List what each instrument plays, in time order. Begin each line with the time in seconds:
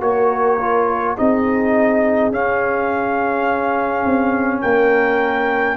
0.00 tuba A#3, trombone F#4, horn A#4, trumpet C#5
0.60 trombone F4
1.17 tuba C4, trombone D#4, horn G#4, trumpet D#5
2.31 tuba C#4, trombone C#4, trumpet F5
4.05 tuba C4
4.61 tuba A#3, horn A#4, trumpet G5